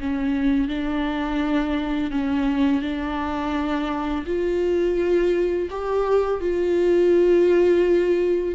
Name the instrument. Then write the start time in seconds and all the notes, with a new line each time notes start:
viola
0.00 C#4
0.69 D4
2.11 C#4
2.82 D4
4.26 F4
5.70 G4
6.41 F4